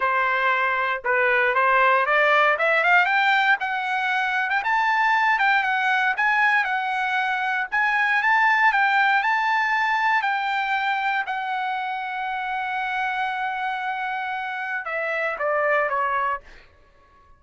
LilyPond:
\new Staff \with { instrumentName = "trumpet" } { \time 4/4 \tempo 4 = 117 c''2 b'4 c''4 | d''4 e''8 f''8 g''4 fis''4~ | fis''8. g''16 a''4. g''8 fis''4 | gis''4 fis''2 gis''4 |
a''4 g''4 a''2 | g''2 fis''2~ | fis''1~ | fis''4 e''4 d''4 cis''4 | }